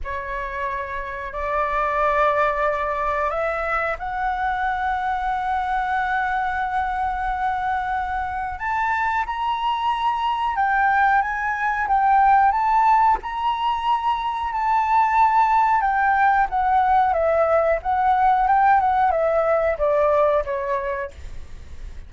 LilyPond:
\new Staff \with { instrumentName = "flute" } { \time 4/4 \tempo 4 = 91 cis''2 d''2~ | d''4 e''4 fis''2~ | fis''1~ | fis''4 a''4 ais''2 |
g''4 gis''4 g''4 a''4 | ais''2 a''2 | g''4 fis''4 e''4 fis''4 | g''8 fis''8 e''4 d''4 cis''4 | }